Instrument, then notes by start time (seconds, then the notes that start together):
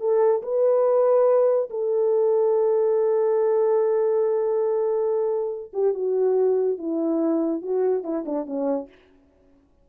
horn
0.00 A4
0.43 B4
1.70 A4
5.73 G4
5.94 F#4
6.78 E4
7.62 F#4
8.04 E4
8.26 D4
8.46 C#4